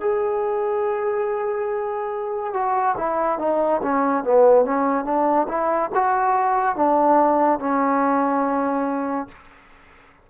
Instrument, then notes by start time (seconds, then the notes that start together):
trombone
0.00 G#4
2.53 F#4
2.97 E4
3.38 D#4
3.82 C#4
4.24 B3
4.64 C#4
5.04 D4
5.48 E4
5.94 F#4
6.75 D4
7.59 C#4